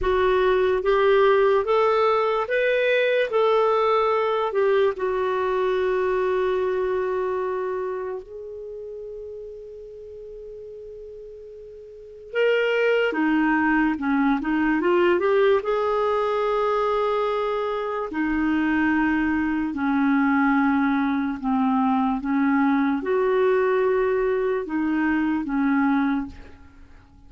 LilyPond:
\new Staff \with { instrumentName = "clarinet" } { \time 4/4 \tempo 4 = 73 fis'4 g'4 a'4 b'4 | a'4. g'8 fis'2~ | fis'2 gis'2~ | gis'2. ais'4 |
dis'4 cis'8 dis'8 f'8 g'8 gis'4~ | gis'2 dis'2 | cis'2 c'4 cis'4 | fis'2 dis'4 cis'4 | }